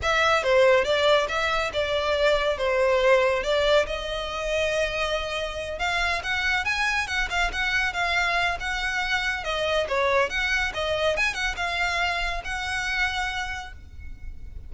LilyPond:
\new Staff \with { instrumentName = "violin" } { \time 4/4 \tempo 4 = 140 e''4 c''4 d''4 e''4 | d''2 c''2 | d''4 dis''2.~ | dis''4. f''4 fis''4 gis''8~ |
gis''8 fis''8 f''8 fis''4 f''4. | fis''2 dis''4 cis''4 | fis''4 dis''4 gis''8 fis''8 f''4~ | f''4 fis''2. | }